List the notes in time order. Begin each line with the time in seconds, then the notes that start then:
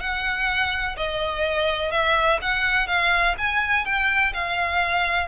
0.00 F#5
0.97 D#5
1.91 E5
2.42 F#5
2.87 F5
3.38 G#5
3.85 G5
4.34 F5